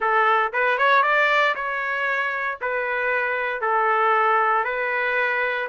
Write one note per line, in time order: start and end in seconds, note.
0.00 0.52 A4
0.52 0.78 B4
0.78 1.03 C#5
1.03 1.54 D5
1.55 2.58 C#5
2.61 3.61 B4
3.61 4.64 A4
4.64 5.68 B4